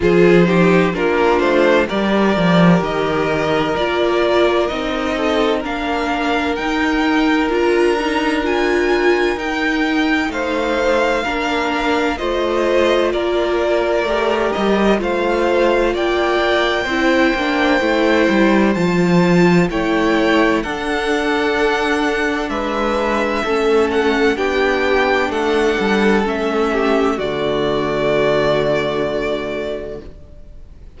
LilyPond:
<<
  \new Staff \with { instrumentName = "violin" } { \time 4/4 \tempo 4 = 64 c''4 ais'8 c''8 d''4 dis''4 | d''4 dis''4 f''4 g''4 | ais''4 gis''4 g''4 f''4~ | f''4 dis''4 d''4. dis''8 |
f''4 g''2. | a''4 g''4 fis''2 | e''4. fis''8 g''4 fis''4 | e''4 d''2. | }
  \new Staff \with { instrumentName = "violin" } { \time 4/4 gis'8 g'8 f'4 ais'2~ | ais'4. a'8 ais'2~ | ais'2. c''4 | ais'4 c''4 ais'2 |
c''4 d''4 c''2~ | c''4 cis''4 a'2 | b'4 a'4 g'4 a'4~ | a'8 g'8 fis'2. | }
  \new Staff \with { instrumentName = "viola" } { \time 4/4 f'8 dis'8 d'4 g'2 | f'4 dis'4 d'4 dis'4 | f'8 dis'8 f'4 dis'2 | d'4 f'2 g'4 |
f'2 e'8 d'8 e'4 | f'4 e'4 d'2~ | d'4 cis'4 d'2 | cis'4 a2. | }
  \new Staff \with { instrumentName = "cello" } { \time 4/4 f4 ais8 a8 g8 f8 dis4 | ais4 c'4 ais4 dis'4 | d'2 dis'4 a4 | ais4 a4 ais4 a8 g8 |
a4 ais4 c'8 ais8 a8 g8 | f4 a4 d'2 | gis4 a4 b4 a8 g8 | a4 d2. | }
>>